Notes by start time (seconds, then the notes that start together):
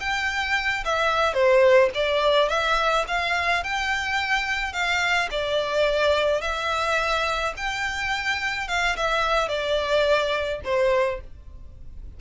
0.00 G5
0.85 E5
1.34 C5
1.94 D5
2.49 E5
3.08 F5
3.63 G5
4.73 F5
5.31 D5
6.41 E5
7.57 G5
8.68 F5
8.96 E5
9.48 D5
10.64 C5